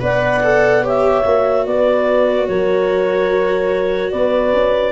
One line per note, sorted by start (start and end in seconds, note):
0.00 1.25 B3
0.00 0.41 B4
0.00 0.84 D5
0.00 0.87 F#5
0.43 0.83 A4
0.83 1.24 G4
0.83 1.66 C#5
0.83 1.66 E5
1.24 1.66 A#3
1.24 4.92 F#4
1.66 2.48 B3
1.66 2.49 B4
1.66 2.47 D5
2.47 4.13 F#3
2.47 4.13 A#4
2.47 4.12 C#5
4.12 4.53 B3
4.12 4.92 B4
4.12 4.92 D5
4.53 4.92 C#4